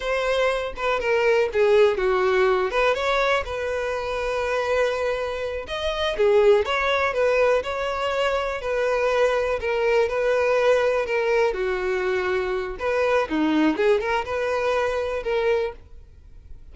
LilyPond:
\new Staff \with { instrumentName = "violin" } { \time 4/4 \tempo 4 = 122 c''4. b'8 ais'4 gis'4 | fis'4. b'8 cis''4 b'4~ | b'2.~ b'8 dis''8~ | dis''8 gis'4 cis''4 b'4 cis''8~ |
cis''4. b'2 ais'8~ | ais'8 b'2 ais'4 fis'8~ | fis'2 b'4 dis'4 | gis'8 ais'8 b'2 ais'4 | }